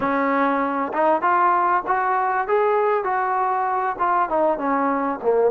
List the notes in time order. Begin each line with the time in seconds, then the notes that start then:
0.00 C#4
0.93 D#4
1.21 F4
1.87 F#4
2.47 G#4
3.04 F#4
3.99 F4
4.29 D#4
4.58 C#4
5.22 A#3